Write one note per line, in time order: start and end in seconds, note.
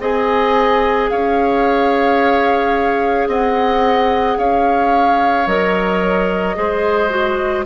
0.00 1.09 C4
0.00 5.46 G#4
0.00 1.10 D#5
0.00 1.10 G#5
1.10 3.28 C#4
1.10 3.29 C#5
1.10 3.28 F5
3.28 4.37 C4
3.28 4.38 D#5
3.28 4.38 F#5
4.38 5.47 C#4
4.38 6.56 C#5
4.38 5.47 F5
5.47 6.56 F#3
5.47 6.55 A#4
5.47 7.65 D#5
6.55 7.65 G#3
6.55 7.10 G#4
6.55 7.65 C5
7.10 7.64 F#4